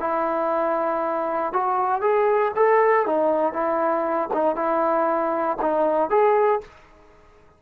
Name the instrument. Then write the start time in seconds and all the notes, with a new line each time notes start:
trombone
0.00 E4
1.53 F#4
2.01 G#4
2.56 A4
3.06 D#4
3.52 E4
4.34 D#4
4.56 E4
5.62 D#4
6.10 G#4